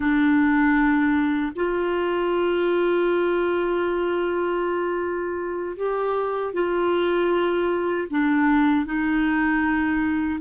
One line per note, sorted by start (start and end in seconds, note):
0.00 1.52 D4
1.55 5.77 F4
5.77 6.53 G4
6.53 8.07 F4
8.10 8.85 D4
8.85 10.39 D#4